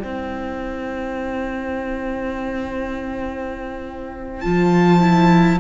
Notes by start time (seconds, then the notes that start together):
0.00 C4 E4 C5 G5
4.40 F3 F4 A5
5.00 E4